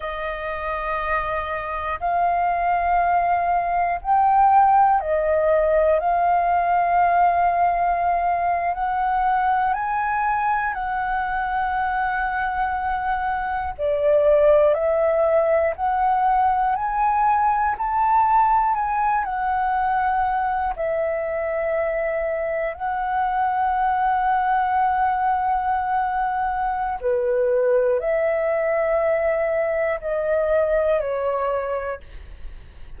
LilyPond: \new Staff \with { instrumentName = "flute" } { \time 4/4 \tempo 4 = 60 dis''2 f''2 | g''4 dis''4 f''2~ | f''8. fis''4 gis''4 fis''4~ fis''16~ | fis''4.~ fis''16 d''4 e''4 fis''16~ |
fis''8. gis''4 a''4 gis''8 fis''8.~ | fis''8. e''2 fis''4~ fis''16~ | fis''2. b'4 | e''2 dis''4 cis''4 | }